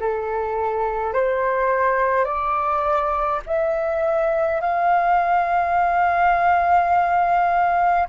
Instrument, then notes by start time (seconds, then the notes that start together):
flute
0.00 A4
1.13 C5
2.25 D5
3.47 E5
4.61 F5